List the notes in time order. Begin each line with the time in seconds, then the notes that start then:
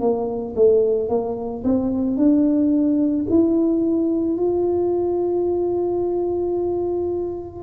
0.00 A#3
0.56 A3
1.09 A#3
1.64 C4
2.17 D4
3.30 E4
4.37 F4